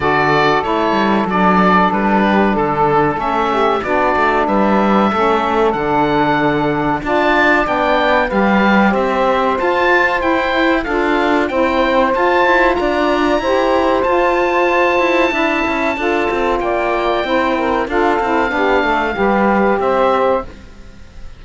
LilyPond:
<<
  \new Staff \with { instrumentName = "oboe" } { \time 4/4 \tempo 4 = 94 d''4 cis''4 d''4 b'4 | a'4 e''4 d''4 e''4~ | e''4 fis''2 a''4 | g''4 f''4 e''4 a''4 |
g''4 f''4 g''4 a''4 | ais''2 a''2~ | a''2 g''2 | f''2. e''4 | }
  \new Staff \with { instrumentName = "saxophone" } { \time 4/4 a'2.~ a'8 g'8 | a'4. g'8 fis'4 b'4 | a'2. d''4~ | d''4 b'4 c''2~ |
c''4 a'4 c''2 | d''4 c''2. | e''4 a'4 d''4 c''8 ais'8 | a'4 g'8 a'8 b'4 c''4 | }
  \new Staff \with { instrumentName = "saxophone" } { \time 4/4 fis'4 e'4 d'2~ | d'4 cis'4 d'2 | cis'4 d'2 f'4 | d'4 g'2 f'4 |
e'4 f'4 e'4 f'4~ | f'4 g'4 f'2 | e'4 f'2 e'4 | f'8 e'8 d'4 g'2 | }
  \new Staff \with { instrumentName = "cello" } { \time 4/4 d4 a8 g8 fis4 g4 | d4 a4 b8 a8 g4 | a4 d2 d'4 | b4 g4 c'4 f'4 |
e'4 d'4 c'4 f'8 e'8 | d'4 e'4 f'4. e'8 | d'8 cis'8 d'8 c'8 ais4 c'4 | d'8 c'8 b8 a8 g4 c'4 | }
>>